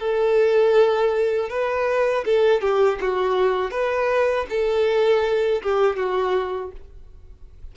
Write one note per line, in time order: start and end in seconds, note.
0.00 1.50 A4
1.50 2.25 B4
2.26 2.61 A4
2.61 2.99 G4
3.01 3.71 F#4
3.71 4.46 B4
4.50 5.62 A4
5.62 5.97 G4
5.97 6.72 F#4